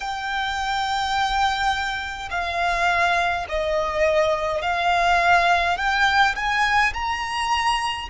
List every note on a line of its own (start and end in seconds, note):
0.00 2.29 G5
2.30 3.46 F5
3.48 4.62 D#5
4.62 5.77 F5
5.77 6.35 G5
6.35 6.93 G#5
6.93 8.08 A#5